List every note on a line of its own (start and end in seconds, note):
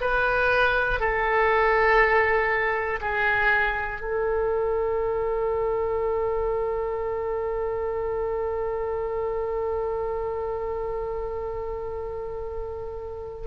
0.00 1.00 B4
1.00 3.00 A4
3.01 4.00 G#4
4.00 13.47 A4